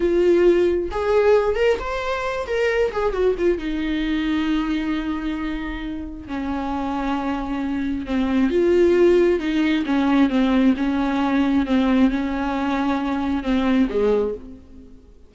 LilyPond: \new Staff \with { instrumentName = "viola" } { \time 4/4 \tempo 4 = 134 f'2 gis'4. ais'8 | c''4. ais'4 gis'8 fis'8 f'8 | dis'1~ | dis'2 cis'2~ |
cis'2 c'4 f'4~ | f'4 dis'4 cis'4 c'4 | cis'2 c'4 cis'4~ | cis'2 c'4 gis4 | }